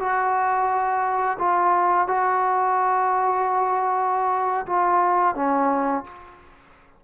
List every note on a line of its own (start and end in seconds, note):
0.00 1.38 F#4
1.39 2.08 F4
2.08 4.66 F#4
4.66 5.35 F4
5.35 6.04 C#4